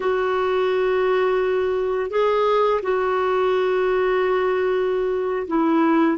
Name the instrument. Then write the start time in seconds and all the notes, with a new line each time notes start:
clarinet
0.00 F#4
2.10 G#4
2.82 F#4
5.47 E4